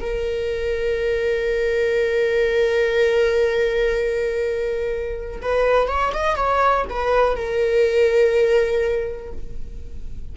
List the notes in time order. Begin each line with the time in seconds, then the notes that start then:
0.00 A#4
5.41 B4
5.87 C#5
6.13 D#5
6.35 C#5
6.89 B4
7.35 A#4